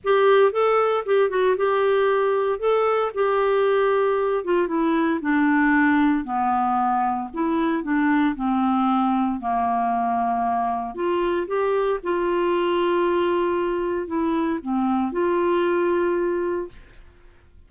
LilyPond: \new Staff \with { instrumentName = "clarinet" } { \time 4/4 \tempo 4 = 115 g'4 a'4 g'8 fis'8 g'4~ | g'4 a'4 g'2~ | g'8 f'8 e'4 d'2 | b2 e'4 d'4 |
c'2 ais2~ | ais4 f'4 g'4 f'4~ | f'2. e'4 | c'4 f'2. | }